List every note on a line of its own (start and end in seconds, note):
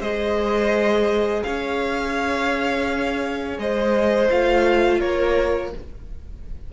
0.00 1.43 G#3
0.00 4.29 G#4
0.00 1.43 C5
0.00 1.43 D#5
1.43 3.58 C#4
1.43 3.61 C#5
1.43 3.57 F5
3.58 4.30 G#3
3.58 5.00 C5
3.58 4.31 D#5
4.29 5.02 A3
4.29 5.72 F4
4.29 5.00 F5
5.00 5.73 A#3
5.00 5.71 A#4
5.00 5.72 C#5